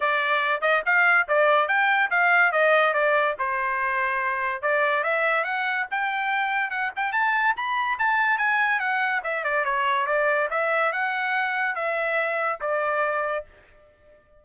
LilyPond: \new Staff \with { instrumentName = "trumpet" } { \time 4/4 \tempo 4 = 143 d''4. dis''8 f''4 d''4 | g''4 f''4 dis''4 d''4 | c''2. d''4 | e''4 fis''4 g''2 |
fis''8 g''8 a''4 b''4 a''4 | gis''4 fis''4 e''8 d''8 cis''4 | d''4 e''4 fis''2 | e''2 d''2 | }